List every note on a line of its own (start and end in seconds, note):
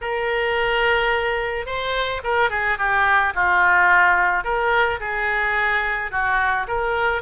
0.01 1.66 A#4
1.66 2.21 C5
2.23 2.50 A#4
2.50 2.78 G#4
2.78 3.33 G4
3.34 4.43 F4
4.43 4.99 A#4
5.00 6.11 G#4
6.11 6.66 F#4
6.67 7.22 A#4